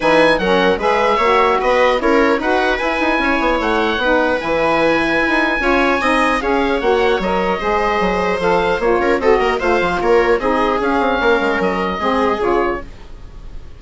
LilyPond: <<
  \new Staff \with { instrumentName = "oboe" } { \time 4/4 \tempo 4 = 150 gis''4 fis''4 e''2 | dis''4 cis''4 fis''4 gis''4~ | gis''4 fis''2 gis''4~ | gis''1 |
f''4 fis''4 dis''2~ | dis''4 f''4 cis''4 dis''4 | f''4 cis''4 dis''4 f''4~ | f''4 dis''2 cis''4 | }
  \new Staff \with { instrumentName = "viola" } { \time 4/4 b'4 ais'4 b'4 cis''4 | b'4 ais'4 b'2 | cis''2 b'2~ | b'2 cis''4 dis''4 |
cis''2. c''4~ | c''2~ c''8 ais'8 a'8 ais'8 | c''4 ais'4 gis'2 | ais'2 gis'2 | }
  \new Staff \with { instrumentName = "saxophone" } { \time 4/4 dis'4 cis'4 gis'4 fis'4~ | fis'4 e'4 fis'4 e'4~ | e'2 dis'4 e'4~ | e'2 f'4 dis'4 |
gis'4 fis'4 ais'4 gis'4~ | gis'4 a'4 f'4 fis'4 | f'2 dis'4 cis'4~ | cis'2 c'4 f'4 | }
  \new Staff \with { instrumentName = "bassoon" } { \time 4/4 e4 fis4 gis4 ais4 | b4 cis'4 dis'4 e'8 dis'8 | cis'8 b8 a4 b4 e4~ | e4 e'16 dis'8. cis'4 c'4 |
cis'4 ais4 fis4 gis4 | fis4 f4 ais8 cis'8 c'8 ais8 | a8 f8 ais4 c'4 cis'8 c'8 | ais8 gis8 fis4 gis4 cis4 | }
>>